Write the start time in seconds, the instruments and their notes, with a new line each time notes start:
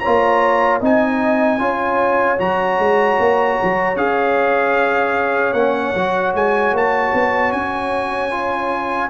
0.00 trombone F4, horn C#5, trumpet A#5
0.07 tuba A#3
0.81 tuba C4, trombone D#4, horn D#5, trumpet G#5
1.59 tuba C#4, trombone F4, horn C#5
2.38 tuba F#3, trombone F#4, trumpet A#5
2.79 tuba G#3
3.20 tuba A#3
3.63 tuba F#3
3.96 tuba C#4, trombone G#4, trumpet F5
5.54 tuba A#3, trombone C#4, trumpet F#5
5.95 tuba F#3, trombone F#4
6.35 tuba G#3, trumpet G#5
6.73 tuba A#3, trumpet A5
7.14 tuba B3
7.53 tuba C#4, trumpet G#5
8.31 trombone F4